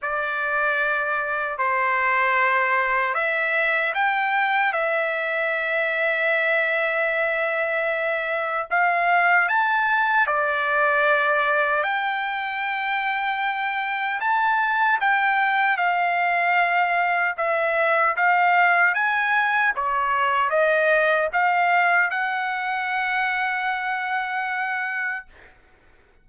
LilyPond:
\new Staff \with { instrumentName = "trumpet" } { \time 4/4 \tempo 4 = 76 d''2 c''2 | e''4 g''4 e''2~ | e''2. f''4 | a''4 d''2 g''4~ |
g''2 a''4 g''4 | f''2 e''4 f''4 | gis''4 cis''4 dis''4 f''4 | fis''1 | }